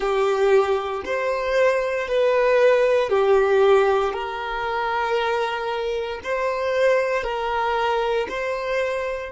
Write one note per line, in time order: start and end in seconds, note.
0.00 1.03 G4
1.04 2.07 C5
2.07 3.09 B4
3.09 4.13 G4
4.13 6.20 A#4
6.23 7.23 C5
7.23 8.27 A#4
8.28 9.32 C5